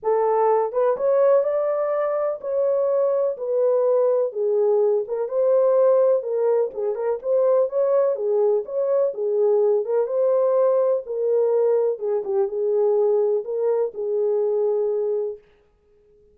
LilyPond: \new Staff \with { instrumentName = "horn" } { \time 4/4 \tempo 4 = 125 a'4. b'8 cis''4 d''4~ | d''4 cis''2 b'4~ | b'4 gis'4. ais'8 c''4~ | c''4 ais'4 gis'8 ais'8 c''4 |
cis''4 gis'4 cis''4 gis'4~ | gis'8 ais'8 c''2 ais'4~ | ais'4 gis'8 g'8 gis'2 | ais'4 gis'2. | }